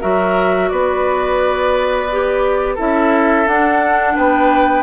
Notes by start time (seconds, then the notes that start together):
0.00 F#3 F#4 A#4 E5
0.68 B3 B4 D5
2.11 G4
2.75 C#4 E4 A4 E5
3.47 D4 F#5
4.15 B3 B4 G5